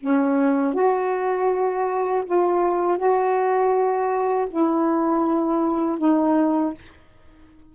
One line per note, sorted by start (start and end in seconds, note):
0.00 0.74 C#4
0.74 2.24 F#4
2.26 2.98 F4
2.98 4.48 F#4
4.50 5.98 E4
5.98 6.73 D#4